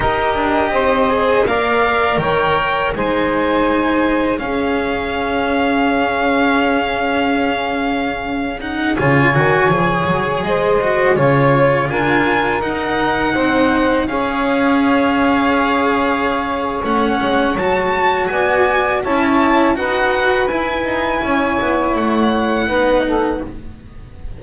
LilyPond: <<
  \new Staff \with { instrumentName = "violin" } { \time 4/4 \tempo 4 = 82 dis''2 f''4 g''4 | gis''2 f''2~ | f''2.~ f''8. fis''16~ | fis''16 gis''2 dis''4 cis''8.~ |
cis''16 gis''4 fis''2 f''8.~ | f''2. fis''4 | a''4 gis''4 a''4 fis''4 | gis''2 fis''2 | }
  \new Staff \with { instrumentName = "saxophone" } { \time 4/4 ais'4 c''4 d''4 cis''4 | c''2 gis'2~ | gis'1~ | gis'16 cis''2 c''4 cis''8.~ |
cis''16 ais'2 c''4 cis''8.~ | cis''1~ | cis''4 d''4 cis''4 b'4~ | b'4 cis''2 b'8 a'8 | }
  \new Staff \with { instrumentName = "cello" } { \time 4/4 g'4. gis'8 ais'2 | dis'2 cis'2~ | cis'2.~ cis'8. dis'16~ | dis'16 f'8 fis'8 gis'4. fis'8 f'8.~ |
f'4~ f'16 dis'2 gis'8.~ | gis'2. cis'4 | fis'2 e'4 fis'4 | e'2. dis'4 | }
  \new Staff \with { instrumentName = "double bass" } { \time 4/4 dis'8 d'8 c'4 ais4 dis4 | gis2 cis'2~ | cis'1~ | cis'16 cis8 dis8 f8 fis8 gis4 cis8.~ |
cis16 d'4 dis'4 c'4 cis'8.~ | cis'2. a8 gis8 | fis4 b4 cis'4 dis'4 | e'8 dis'8 cis'8 b8 a4 b4 | }
>>